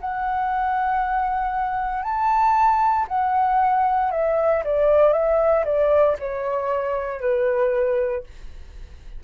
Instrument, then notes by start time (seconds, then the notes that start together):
flute
0.00 F#5
2.03 A5
3.08 F#5
4.11 E5
4.64 D5
5.12 E5
5.64 D5
6.19 C#5
7.20 B4